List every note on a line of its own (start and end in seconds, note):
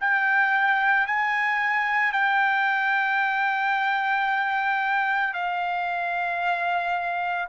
0.00 1.07 G5
1.07 2.12 G#5
2.12 5.34 G5
5.34 7.48 F5